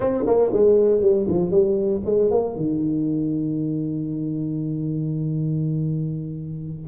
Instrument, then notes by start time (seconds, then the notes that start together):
tuba
0.00 C4
0.26 A#3
0.52 G#3
1.01 G3
1.28 F3
1.50 G3
2.05 G#3
2.30 A#3
2.56 D#3